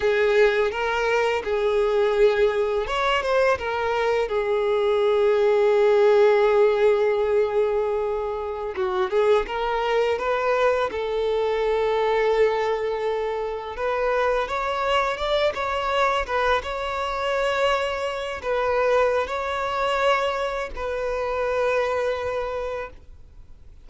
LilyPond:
\new Staff \with { instrumentName = "violin" } { \time 4/4 \tempo 4 = 84 gis'4 ais'4 gis'2 | cis''8 c''8 ais'4 gis'2~ | gis'1~ | gis'16 fis'8 gis'8 ais'4 b'4 a'8.~ |
a'2.~ a'16 b'8.~ | b'16 cis''4 d''8 cis''4 b'8 cis''8.~ | cis''4.~ cis''16 b'4~ b'16 cis''4~ | cis''4 b'2. | }